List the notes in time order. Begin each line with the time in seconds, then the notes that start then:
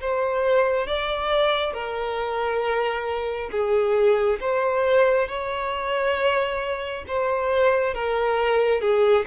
0.00 C5
0.87 D5
1.73 A#4
3.51 G#4
4.40 C5
5.28 C#5
7.07 C5
7.94 A#4
8.81 G#4